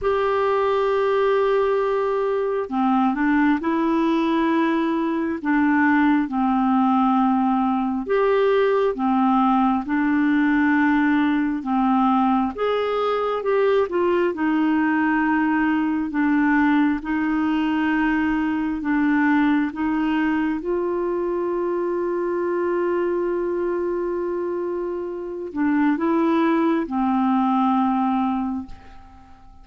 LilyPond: \new Staff \with { instrumentName = "clarinet" } { \time 4/4 \tempo 4 = 67 g'2. c'8 d'8 | e'2 d'4 c'4~ | c'4 g'4 c'4 d'4~ | d'4 c'4 gis'4 g'8 f'8 |
dis'2 d'4 dis'4~ | dis'4 d'4 dis'4 f'4~ | f'1~ | f'8 d'8 e'4 c'2 | }